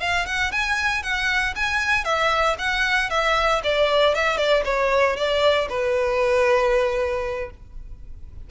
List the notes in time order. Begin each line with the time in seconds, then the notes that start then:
0.00 F5
0.26 F#5
0.51 G#5
1.03 F#5
1.55 G#5
2.05 E5
2.58 F#5
3.10 E5
3.64 D5
4.15 E5
4.37 D5
4.65 C#5
5.16 D5
5.69 B4